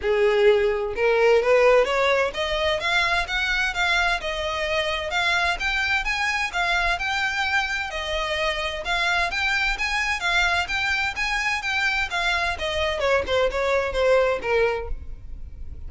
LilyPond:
\new Staff \with { instrumentName = "violin" } { \time 4/4 \tempo 4 = 129 gis'2 ais'4 b'4 | cis''4 dis''4 f''4 fis''4 | f''4 dis''2 f''4 | g''4 gis''4 f''4 g''4~ |
g''4 dis''2 f''4 | g''4 gis''4 f''4 g''4 | gis''4 g''4 f''4 dis''4 | cis''8 c''8 cis''4 c''4 ais'4 | }